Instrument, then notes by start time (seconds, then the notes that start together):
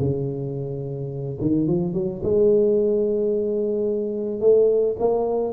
tuba
0.00 C#3
1.41 D#3
1.68 F3
1.94 F#3
2.24 G#3
4.41 A3
4.99 A#3